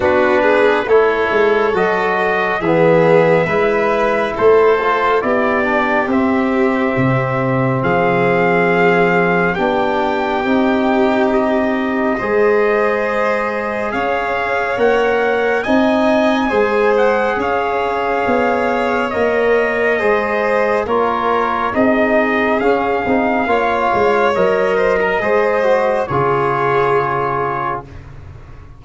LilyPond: <<
  \new Staff \with { instrumentName = "trumpet" } { \time 4/4 \tempo 4 = 69 b'4 cis''4 dis''4 e''4~ | e''4 c''4 d''4 e''4~ | e''4 f''2 g''4~ | g''4 dis''2. |
f''4 fis''4 gis''4. fis''8 | f''2 dis''2 | cis''4 dis''4 f''2 | dis''2 cis''2 | }
  \new Staff \with { instrumentName = "violin" } { \time 4/4 fis'8 gis'8 a'2 gis'4 | b'4 a'4 g'2~ | g'4 gis'2 g'4~ | g'2 c''2 |
cis''2 dis''4 c''4 | cis''2. c''4 | ais'4 gis'2 cis''4~ | cis''8 c''16 ais'16 c''4 gis'2 | }
  \new Staff \with { instrumentName = "trombone" } { \time 4/4 d'4 e'4 fis'4 b4 | e'4. f'8 e'8 d'8 c'4~ | c'2. d'4 | dis'2 gis'2~ |
gis'4 ais'4 dis'4 gis'4~ | gis'2 ais'4 gis'4 | f'4 dis'4 cis'8 dis'8 f'4 | ais'4 gis'8 fis'8 f'2 | }
  \new Staff \with { instrumentName = "tuba" } { \time 4/4 b4 a8 gis8 fis4 e4 | gis4 a4 b4 c'4 | c4 f2 b4 | c'2 gis2 |
cis'4 ais4 c'4 gis4 | cis'4 b4 ais4 gis4 | ais4 c'4 cis'8 c'8 ais8 gis8 | fis4 gis4 cis2 | }
>>